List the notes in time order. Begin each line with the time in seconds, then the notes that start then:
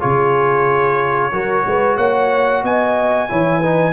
0.00 C#3 F4 G#4 C#5
1.32 F#3 F#4 A#4
1.66 G#3 B4
1.97 A#3 C#5 F#5
2.63 B3 D#5 G#5
3.29 E3 E4 C#5
3.60 D#4 B4